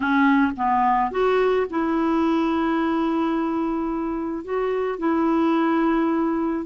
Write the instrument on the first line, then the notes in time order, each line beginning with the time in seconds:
clarinet
0.00 C#4
0.57 B3
1.11 F#4
1.70 E4
4.44 F#4
4.98 E4